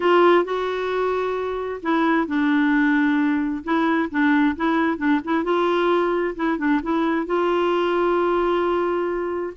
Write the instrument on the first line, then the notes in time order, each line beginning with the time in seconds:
clarinet
0.00 F4
0.44 F#4
1.82 E4
2.27 D4
3.64 E4
4.10 D4
4.56 E4
4.97 D4
5.24 E4
5.44 F4
6.35 E4
6.58 D4
6.83 E4
7.26 F4